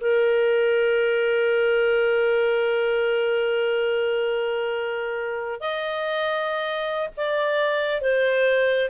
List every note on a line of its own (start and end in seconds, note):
0.00 5.60 A#4
5.60 7.09 D#5
7.16 8.01 D5
8.01 8.89 C5